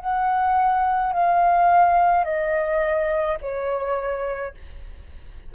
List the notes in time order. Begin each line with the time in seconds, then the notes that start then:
0.00 F#5
1.13 F5
2.25 D#5
3.42 C#5